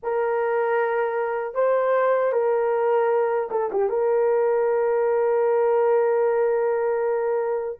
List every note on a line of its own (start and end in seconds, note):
0.02 1.54 A#4
1.54 2.32 C5
2.32 3.49 A#4
3.51 3.70 A4
3.72 3.89 G4
3.89 7.79 A#4